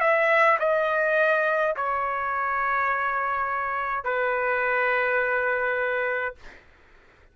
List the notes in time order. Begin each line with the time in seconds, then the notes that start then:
0.00 E5
0.59 D#5
1.76 C#5
4.04 B4